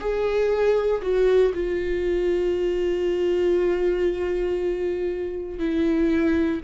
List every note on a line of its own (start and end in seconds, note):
0.00 1.02 G#4
1.02 1.53 F#4
1.54 5.59 F4
5.59 6.61 E4